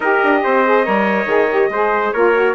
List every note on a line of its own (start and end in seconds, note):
0.00 0.19 D#4
0.00 0.65 G4
0.00 0.41 A#4
0.00 2.12 D#5
0.23 0.44 D4
0.43 0.87 C4
0.43 0.85 C5
0.65 0.83 G#4
0.83 1.25 G3
0.83 1.26 A#4
0.83 1.70 C#5
1.25 1.68 D#3
1.25 1.48 G#4
1.50 1.72 G4
1.69 2.11 G#3
1.69 2.14 G#4
1.69 2.13 C5
2.12 2.54 A#3
2.12 2.34 F4
2.12 2.54 A#4
2.12 2.54 C#5
2.34 2.54 F#4